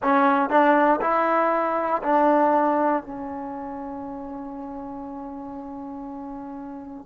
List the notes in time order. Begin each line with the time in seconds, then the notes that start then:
0.02 C#4
0.49 D4
1.01 E4
2.02 D4
3.03 C#4